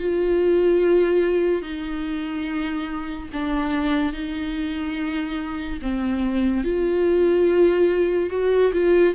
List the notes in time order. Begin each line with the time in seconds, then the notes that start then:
0.00 F4
1.62 D#4
3.33 D4
4.13 D#4
5.82 C4
6.64 F4
8.31 F#4
8.73 F4